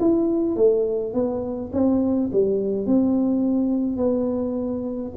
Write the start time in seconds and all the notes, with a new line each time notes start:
0.00 E4
0.56 A3
1.14 B3
1.73 C4
2.32 G3
2.87 C4
3.97 B3